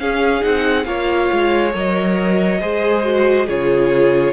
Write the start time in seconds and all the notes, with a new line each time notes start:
0.00 C#4 G#4 F5
0.41 C4 D#4 F#5
0.85 A#3 F4 C#5 F5
1.33 G#3
1.72 F#3 A#4 D#5
2.60 G#3 G#4 C5
3.03 F#4
3.46 C#3 F4 G#4 C#5